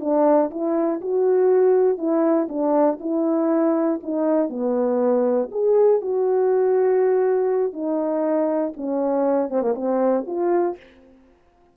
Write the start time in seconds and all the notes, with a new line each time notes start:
0.00 D4
0.50 E4
1.01 F#4
1.98 E4
2.49 D4
3.00 E4
4.03 D#4
4.49 B3
5.51 G#4
6.01 F#4
7.73 D#4
8.77 C#4
9.50 C4
9.62 A#3
9.75 C4
10.27 F4